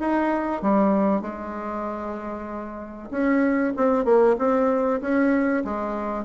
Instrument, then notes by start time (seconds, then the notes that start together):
bassoon
0.00 D#4
0.62 G3
1.21 G#3
3.11 C#4
3.76 C4
4.05 A#3
4.38 C4
5.01 C#4
5.64 G#3